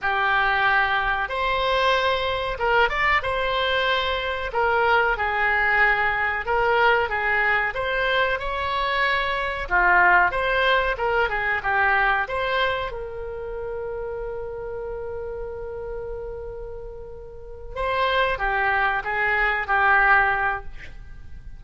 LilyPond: \new Staff \with { instrumentName = "oboe" } { \time 4/4 \tempo 4 = 93 g'2 c''2 | ais'8 d''8 c''2 ais'4 | gis'2 ais'4 gis'4 | c''4 cis''2 f'4 |
c''4 ais'8 gis'8 g'4 c''4 | ais'1~ | ais'2.~ ais'8 c''8~ | c''8 g'4 gis'4 g'4. | }